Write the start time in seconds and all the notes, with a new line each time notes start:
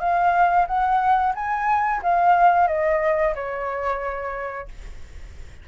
0.00 F5
0.67 F#5
1.35 G#5
2.03 F5
2.68 D#5
3.35 C#5